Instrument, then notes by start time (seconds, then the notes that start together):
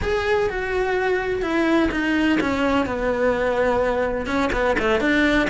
cello
0.02 G#4
0.49 F#4
1.42 E4
1.91 D#4
2.40 C#4
2.86 B3
4.26 C#4
4.52 B3
4.78 A3
5.00 D4